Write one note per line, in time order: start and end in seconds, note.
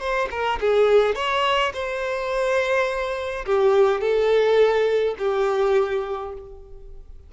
0.00 0.29 C5
0.31 0.59 A#4
0.60 1.15 G#4
1.15 1.72 C#5
1.74 3.45 C5
3.46 4.01 G4
4.01 5.15 A4
5.18 6.33 G4